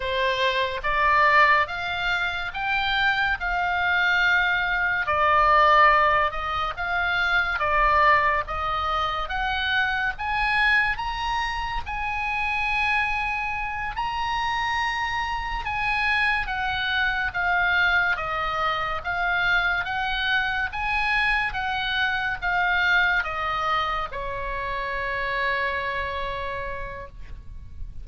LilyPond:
\new Staff \with { instrumentName = "oboe" } { \time 4/4 \tempo 4 = 71 c''4 d''4 f''4 g''4 | f''2 d''4. dis''8 | f''4 d''4 dis''4 fis''4 | gis''4 ais''4 gis''2~ |
gis''8 ais''2 gis''4 fis''8~ | fis''8 f''4 dis''4 f''4 fis''8~ | fis''8 gis''4 fis''4 f''4 dis''8~ | dis''8 cis''2.~ cis''8 | }